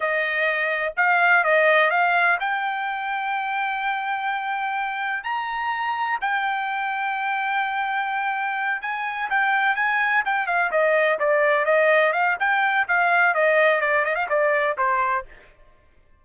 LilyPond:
\new Staff \with { instrumentName = "trumpet" } { \time 4/4 \tempo 4 = 126 dis''2 f''4 dis''4 | f''4 g''2.~ | g''2. ais''4~ | ais''4 g''2.~ |
g''2~ g''8 gis''4 g''8~ | g''8 gis''4 g''8 f''8 dis''4 d''8~ | d''8 dis''4 f''8 g''4 f''4 | dis''4 d''8 dis''16 f''16 d''4 c''4 | }